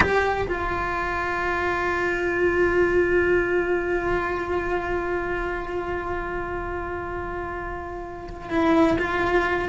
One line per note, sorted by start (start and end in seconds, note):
0.00 0.47 G4
0.47 8.50 F4
8.50 8.97 E4
8.98 9.69 F4